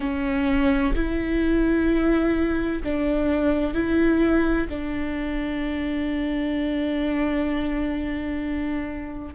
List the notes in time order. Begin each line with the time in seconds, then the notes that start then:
0.00 C#4
0.95 E4
2.83 D4
3.73 E4
4.69 D4